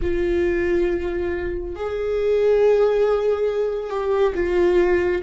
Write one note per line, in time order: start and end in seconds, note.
0.01 1.75 F4
1.75 3.89 G#4
3.89 4.33 G4
4.34 5.21 F4